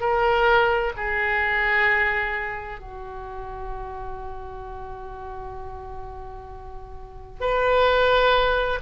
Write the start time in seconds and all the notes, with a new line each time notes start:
0.00 A#4
0.97 G#4
2.80 F#4
7.41 B4